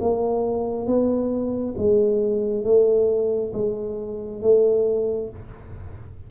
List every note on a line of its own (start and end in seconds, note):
0.00 0.87 A#3
0.87 1.75 B3
1.77 2.64 G#3
2.64 3.53 A3
3.54 4.42 G#3
4.42 5.30 A3